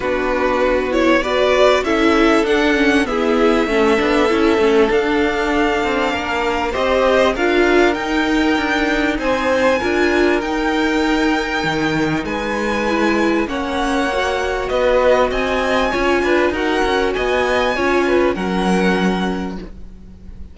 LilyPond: <<
  \new Staff \with { instrumentName = "violin" } { \time 4/4 \tempo 4 = 98 b'4. cis''8 d''4 e''4 | fis''4 e''2. | f''2. dis''4 | f''4 g''2 gis''4~ |
gis''4 g''2. | gis''2 fis''2 | dis''4 gis''2 fis''4 | gis''2 fis''2 | }
  \new Staff \with { instrumentName = "violin" } { \time 4/4 fis'2 b'4 a'4~ | a'4 gis'4 a'2~ | a'2 ais'4 c''4 | ais'2. c''4 |
ais'1 | b'2 cis''2 | b'4 dis''4 cis''8 b'8 ais'4 | dis''4 cis''8 b'8 ais'2 | }
  \new Staff \with { instrumentName = "viola" } { \time 4/4 d'4. e'8 fis'4 e'4 | d'8 cis'8 b4 cis'8 d'8 e'8 cis'8 | d'2. g'4 | f'4 dis'2. |
f'4 dis'2.~ | dis'4 e'4 cis'4 fis'4~ | fis'2 f'4 fis'4~ | fis'4 f'4 cis'2 | }
  \new Staff \with { instrumentName = "cello" } { \time 4/4 b2. cis'4 | d'4 e'4 a8 b8 cis'8 a8 | d'4. c'8 ais4 c'4 | d'4 dis'4 d'4 c'4 |
d'4 dis'2 dis4 | gis2 ais2 | b4 c'4 cis'8 d'8 dis'8 cis'8 | b4 cis'4 fis2 | }
>>